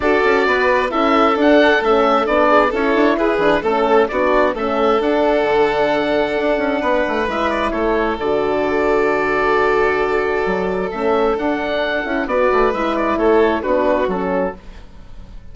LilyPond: <<
  \new Staff \with { instrumentName = "oboe" } { \time 4/4 \tempo 4 = 132 d''2 e''4 fis''4 | e''4 d''4 cis''4 b'4 | a'4 d''4 e''4 fis''4~ | fis''1 |
e''8 d''8 cis''4 d''2~ | d''1 | e''4 fis''2 d''4 | e''8 d''8 cis''4 b'4 a'4 | }
  \new Staff \with { instrumentName = "violin" } { \time 4/4 a'4 b'4 a'2~ | a'4. gis'8 a'4 gis'4 | a'4 fis'4 a'2~ | a'2. b'4~ |
b'4 a'2.~ | a'1~ | a'2. b'4~ | b'4 a'4 fis'2 | }
  \new Staff \with { instrumentName = "horn" } { \time 4/4 fis'2 e'4 d'4 | cis'4 d'4 e'4. d'8 | cis'4 d'4 cis'4 d'4~ | d'1 |
e'2 fis'2~ | fis'1 | cis'4 d'4. e'8 fis'4 | e'2 d'4 cis'4 | }
  \new Staff \with { instrumentName = "bassoon" } { \time 4/4 d'8 cis'8 b4 cis'4 d'4 | a4 b4 cis'8 d'8 e'8 e8 | a4 b4 a4 d'4 | d2 d'8 cis'8 b8 a8 |
gis4 a4 d2~ | d2. fis4 | a4 d'4. cis'8 b8 a8 | gis4 a4 b4 fis4 | }
>>